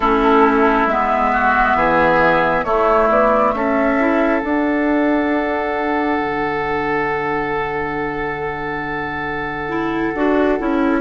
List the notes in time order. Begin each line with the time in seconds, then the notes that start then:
0.00 A3 C#4 E4 A4
0.86 G#3 B3 E5
1.32 F#4
1.74 E3 G#4
2.63 A3 E4 C#5
3.09 B3 D5
3.51 C#4 A4 E5
3.99 E4
4.39 D4 F#5
6.18 D3
9.69 E4
10.15 D4 F#4
10.59 C#4 E4